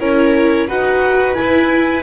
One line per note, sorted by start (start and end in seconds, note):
0.00 0.69 C#4
0.00 0.68 E4
0.00 0.68 A#4
0.00 0.69 C#5
0.68 1.38 D#4
0.68 1.35 F#4
0.68 2.04 B4
0.68 1.35 F#5
1.35 2.03 E4
1.35 2.04 E4
1.35 2.03 G#5